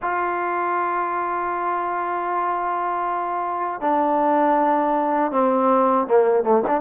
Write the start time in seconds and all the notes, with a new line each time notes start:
0.02 F4
3.80 D4
5.31 C4
6.07 A#3
6.43 A3
6.67 D4